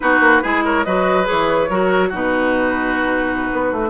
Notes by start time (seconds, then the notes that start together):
0.00 B3 D#4 F#4 B4
0.19 A#3
0.42 G#3 E4 G#4
0.64 A#4 C#5
0.84 F#3 F#4 B4 D#5
1.24 E3 G#4 C#5
1.69 F#3 F#4 A#4
2.09 B2 D#4 F#4 B4
3.52 B3
3.72 A3